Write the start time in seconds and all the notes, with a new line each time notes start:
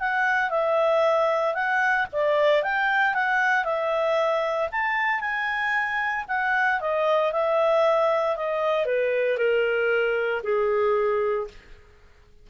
0.00 F#5
0.51 E5
1.55 F#5
2.13 D5
2.63 G5
3.14 F#5
3.65 E5
4.72 A5
5.21 G#5
6.28 F#5
6.81 D#5
7.33 E5
8.37 D#5
8.86 B4
9.38 A#4
10.43 G#4